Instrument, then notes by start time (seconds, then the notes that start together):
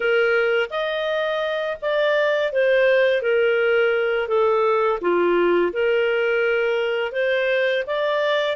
clarinet
0.00 A#4
0.69 D#5
1.81 D5
2.52 C5
3.21 A#4
4.28 A4
5.01 F4
5.72 A#4
7.12 C5
7.86 D5